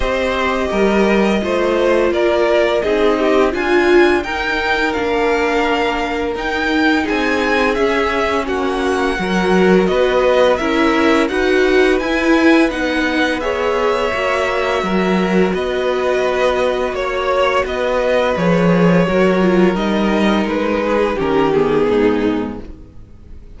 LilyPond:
<<
  \new Staff \with { instrumentName = "violin" } { \time 4/4 \tempo 4 = 85 dis''2. d''4 | dis''4 gis''4 g''4 f''4~ | f''4 g''4 gis''4 e''4 | fis''2 dis''4 e''4 |
fis''4 gis''4 fis''4 e''4~ | e''2 dis''2 | cis''4 dis''4 cis''2 | dis''4 b'4 ais'8 gis'4. | }
  \new Staff \with { instrumentName = "violin" } { \time 4/4 c''4 ais'4 c''4 ais'4 | gis'8 g'8 f'4 ais'2~ | ais'2 gis'2 | fis'4 ais'4 b'4 ais'4 |
b'2. cis''4~ | cis''4 ais'4 b'2 | cis''4 b'2 ais'4~ | ais'4. gis'8 g'4 dis'4 | }
  \new Staff \with { instrumentName = "viola" } { \time 4/4 g'2 f'2 | dis'4 f'4 dis'4 d'4~ | d'4 dis'2 cis'4~ | cis'4 fis'2 e'4 |
fis'4 e'4 dis'4 gis'4 | fis'1~ | fis'2 gis'4 fis'8 f'8 | dis'2 cis'8 b4. | }
  \new Staff \with { instrumentName = "cello" } { \time 4/4 c'4 g4 a4 ais4 | c'4 d'4 dis'4 ais4~ | ais4 dis'4 c'4 cis'4 | ais4 fis4 b4 cis'4 |
dis'4 e'4 b2 | ais4 fis4 b2 | ais4 b4 f4 fis4 | g4 gis4 dis4 gis,4 | }
>>